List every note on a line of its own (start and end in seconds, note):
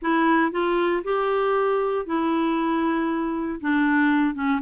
0.01 0.51 E4
0.51 1.02 F4
1.03 2.06 G4
2.06 3.59 E4
3.60 4.34 D4
4.34 4.60 C#4